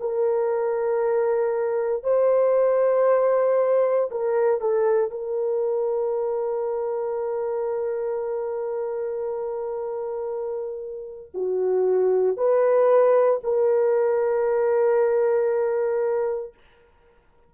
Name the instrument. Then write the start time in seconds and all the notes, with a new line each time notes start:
horn
0.00 A#4
2.03 C5
4.11 A#4
4.60 A4
5.10 A#4
11.34 F#4
12.37 B4
13.43 A#4